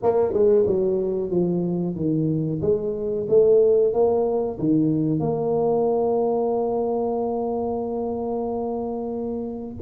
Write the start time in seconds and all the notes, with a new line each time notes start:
0.02 A#3
0.33 G#3
0.67 F#3
1.30 F3
1.95 D#3
2.61 G#3
3.28 A3
3.93 A#3
4.59 D#3
5.19 A#3